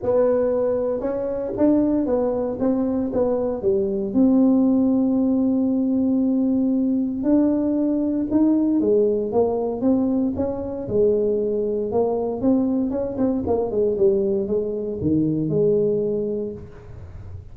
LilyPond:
\new Staff \with { instrumentName = "tuba" } { \time 4/4 \tempo 4 = 116 b2 cis'4 d'4 | b4 c'4 b4 g4 | c'1~ | c'2 d'2 |
dis'4 gis4 ais4 c'4 | cis'4 gis2 ais4 | c'4 cis'8 c'8 ais8 gis8 g4 | gis4 dis4 gis2 | }